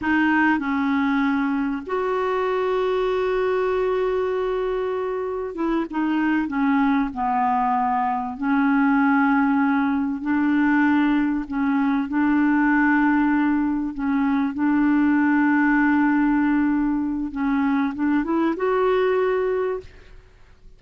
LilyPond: \new Staff \with { instrumentName = "clarinet" } { \time 4/4 \tempo 4 = 97 dis'4 cis'2 fis'4~ | fis'1~ | fis'4 e'8 dis'4 cis'4 b8~ | b4. cis'2~ cis'8~ |
cis'8 d'2 cis'4 d'8~ | d'2~ d'8 cis'4 d'8~ | d'1 | cis'4 d'8 e'8 fis'2 | }